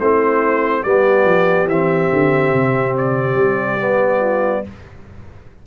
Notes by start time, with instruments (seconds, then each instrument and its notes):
0.00 tuba A3, trombone C4, horn E4, trumpet C5
0.83 tuba G3, trombone B3, horn G4, trumpet D5
1.25 tuba F3
1.66 tuba E3, trombone C4, trumpet E5
2.13 tuba D3
2.53 tuba C3
2.97 trumpet D5
3.35 tuba G3
3.80 trombone B3
4.20 horn F4